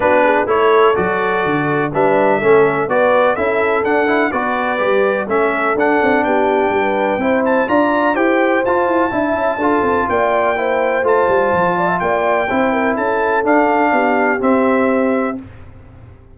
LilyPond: <<
  \new Staff \with { instrumentName = "trumpet" } { \time 4/4 \tempo 4 = 125 b'4 cis''4 d''2 | e''2 d''4 e''4 | fis''4 d''2 e''4 | fis''4 g''2~ g''8 a''8 |
ais''4 g''4 a''2~ | a''4 g''2 a''4~ | a''4 g''2 a''4 | f''2 e''2 | }
  \new Staff \with { instrumentName = "horn" } { \time 4/4 fis'8 gis'8 a'2. | b'4 a'4 b'4 a'4~ | a'4 b'2 a'4~ | a'4 g'4 b'4 c''4 |
d''4 c''2 e''4 | a'4 d''4 c''2~ | c''8 d''16 e''16 d''4 c''8 ais'8 a'4~ | a'4 g'2. | }
  \new Staff \with { instrumentName = "trombone" } { \time 4/4 d'4 e'4 fis'2 | d'4 cis'4 fis'4 e'4 | d'8 e'8 fis'4 g'4 cis'4 | d'2. e'4 |
f'4 g'4 f'4 e'4 | f'2 e'4 f'4~ | f'2 e'2 | d'2 c'2 | }
  \new Staff \with { instrumentName = "tuba" } { \time 4/4 b4 a4 fis4 d4 | g4 a4 b4 cis'4 | d'4 b4 g4 a4 | d'8 c'8 b4 g4 c'4 |
d'4 e'4 f'8 e'8 d'8 cis'8 | d'8 c'8 ais2 a8 g8 | f4 ais4 c'4 cis'4 | d'4 b4 c'2 | }
>>